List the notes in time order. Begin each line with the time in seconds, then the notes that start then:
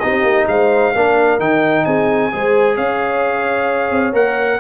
0.00 C4 D#4 G4 D#5
0.23 A#3
0.47 G#3 C5 F5
0.95 A#3 D4 A#4
1.40 D#3 D#4 G5
1.85 C4 G#4 G#5
2.32 G#3 G#4 C5
2.76 C#4 C#5 F5
3.91 C4
4.13 A#3 A#4 F#5